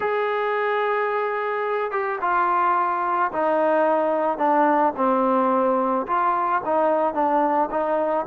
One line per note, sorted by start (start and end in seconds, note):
0.00 1.91 G#4
1.91 2.18 G4
2.21 3.31 F4
3.32 4.38 D#4
4.38 4.93 D4
4.96 6.06 C4
6.06 6.61 F4
6.65 7.14 D#4
7.14 7.69 D4
7.71 8.26 D#4